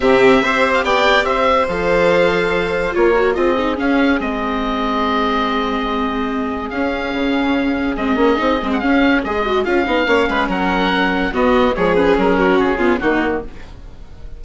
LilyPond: <<
  \new Staff \with { instrumentName = "oboe" } { \time 4/4 \tempo 4 = 143 e''4.~ e''16 f''16 g''4 e''4 | f''2. cis''4 | dis''4 f''4 dis''2~ | dis''1 |
f''2. dis''4~ | dis''8. fis''16 f''4 dis''4 f''4~ | f''4 fis''2 dis''4 | cis''8 b'8 ais'4 gis'4 fis'4 | }
  \new Staff \with { instrumentName = "violin" } { \time 4/4 g'4 c''4 d''4 c''4~ | c''2. ais'4 | gis'1~ | gis'1~ |
gis'1~ | gis'1 | cis''8 b'8 ais'2 fis'4 | gis'4. fis'4 f'8 dis'4 | }
  \new Staff \with { instrumentName = "viola" } { \time 4/4 c'4 g'2. | a'2. f'8 fis'8 | f'8 dis'8 cis'4 c'2~ | c'1 |
cis'2. c'8 cis'8 | dis'8 c'8 cis'4 gis'8 fis'8 f'8 dis'8 | cis'2. b4 | gis8 cis'2 b8 ais4 | }
  \new Staff \with { instrumentName = "bassoon" } { \time 4/4 c4 c'4 b4 c'4 | f2. ais4 | c'4 cis'4 gis2~ | gis1 |
cis'4 cis2 gis8 ais8 | c'8 gis8 cis'4 gis4 cis'8 b8 | ais8 gis8 fis2 b4 | f4 fis4 cis4 dis4 | }
>>